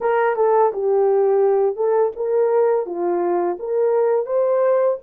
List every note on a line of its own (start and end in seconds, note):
0.01 0.36 A#4
0.36 0.71 A4
0.72 1.76 G4
1.76 2.11 A4
2.16 2.86 A#4
2.86 3.57 F4
3.59 4.26 A#4
4.26 4.97 C5